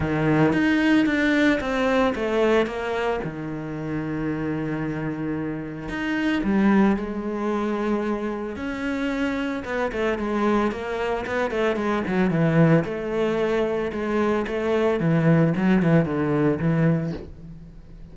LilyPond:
\new Staff \with { instrumentName = "cello" } { \time 4/4 \tempo 4 = 112 dis4 dis'4 d'4 c'4 | a4 ais4 dis2~ | dis2. dis'4 | g4 gis2. |
cis'2 b8 a8 gis4 | ais4 b8 a8 gis8 fis8 e4 | a2 gis4 a4 | e4 fis8 e8 d4 e4 | }